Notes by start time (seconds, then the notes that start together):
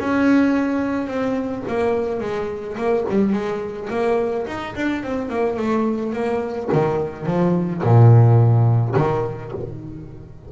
0.00 C#4
1.08 C4
1.68 A#3
2.21 G#3
2.78 A#3
3.10 G3
3.33 G#3
3.90 A#3
4.47 D#4
4.76 D4
5.03 C4
5.30 A#3
5.57 A3
6.13 A#3
6.73 D#3
7.26 F3
7.83 A#2
8.97 D#3